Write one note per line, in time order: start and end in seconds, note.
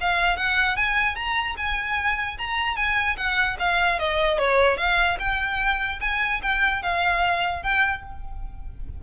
0.00 0.36 F5
0.36 0.76 F#5
0.76 1.15 G#5
1.15 1.55 A#5
1.57 2.37 G#5
2.38 2.76 A#5
2.76 3.16 G#5
3.16 3.57 F#5
3.59 3.99 F5
3.99 4.38 D#5
4.38 4.77 C#5
4.77 5.17 F5
5.19 5.99 G5
6.00 6.40 G#5
6.42 6.82 G5
6.82 7.62 F5
7.62 8.03 G5